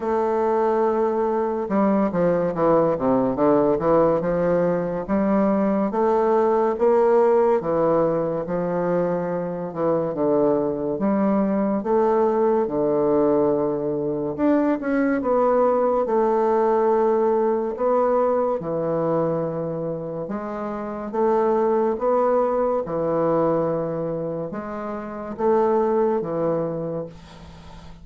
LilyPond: \new Staff \with { instrumentName = "bassoon" } { \time 4/4 \tempo 4 = 71 a2 g8 f8 e8 c8 | d8 e8 f4 g4 a4 | ais4 e4 f4. e8 | d4 g4 a4 d4~ |
d4 d'8 cis'8 b4 a4~ | a4 b4 e2 | gis4 a4 b4 e4~ | e4 gis4 a4 e4 | }